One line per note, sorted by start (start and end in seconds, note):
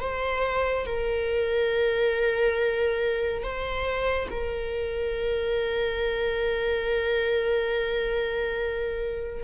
0.00 0.86 C5
0.86 3.43 A#4
3.43 4.29 C5
4.30 9.44 A#4